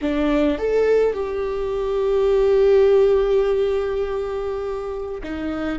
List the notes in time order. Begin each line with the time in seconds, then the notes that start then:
0.01 D4
0.58 A4
1.13 G4
5.23 D#4